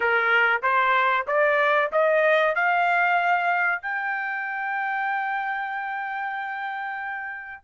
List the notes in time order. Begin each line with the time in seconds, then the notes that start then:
0.00 A#4
0.62 C5
1.27 D5
1.91 D#5
2.55 F5
3.82 G5